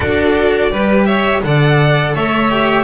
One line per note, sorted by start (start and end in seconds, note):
0.00 0.70 D4
0.00 0.71 F#4
0.00 0.71 A4
0.00 1.05 D5
0.70 1.42 G3
0.70 1.43 G4
0.70 1.06 B4
1.05 1.42 C#5
1.05 1.40 E5
1.43 2.14 D3
1.43 2.50 A4
1.43 2.14 D5
1.43 2.15 F#5
2.14 2.84 A3
2.14 2.84 C#5
2.14 2.84 E5
2.50 2.84 G4